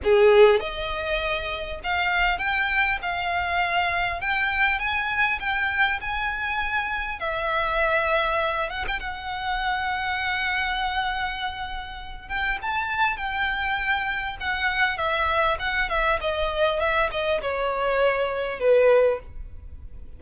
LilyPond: \new Staff \with { instrumentName = "violin" } { \time 4/4 \tempo 4 = 100 gis'4 dis''2 f''4 | g''4 f''2 g''4 | gis''4 g''4 gis''2 | e''2~ e''8 fis''16 g''16 fis''4~ |
fis''1~ | fis''8 g''8 a''4 g''2 | fis''4 e''4 fis''8 e''8 dis''4 | e''8 dis''8 cis''2 b'4 | }